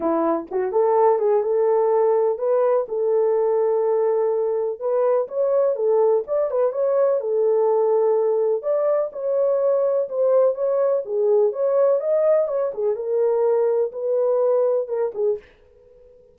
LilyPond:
\new Staff \with { instrumentName = "horn" } { \time 4/4 \tempo 4 = 125 e'4 fis'8 a'4 gis'8 a'4~ | a'4 b'4 a'2~ | a'2 b'4 cis''4 | a'4 d''8 b'8 cis''4 a'4~ |
a'2 d''4 cis''4~ | cis''4 c''4 cis''4 gis'4 | cis''4 dis''4 cis''8 gis'8 ais'4~ | ais'4 b'2 ais'8 gis'8 | }